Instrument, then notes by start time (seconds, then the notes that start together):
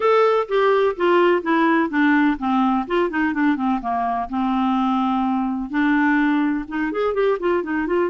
clarinet
0.00 A4
0.48 G4
0.96 F4
1.42 E4
1.89 D4
2.38 C4
2.87 F4
3.10 D#4
3.33 D4
3.56 C4
3.81 A#3
4.29 C4
5.70 D4
6.68 D#4
6.92 G#4
7.14 G4
7.39 F4
7.63 D#4
7.86 F4